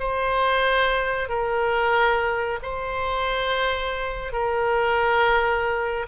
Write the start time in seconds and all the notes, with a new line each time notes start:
0.00 C5
1.29 A#4
2.63 C5
4.33 A#4